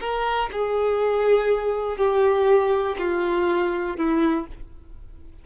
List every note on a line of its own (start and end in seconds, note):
0.00 0.49 A#4
0.52 1.97 G#4
1.97 2.96 G4
2.99 3.97 F4
3.97 4.46 E4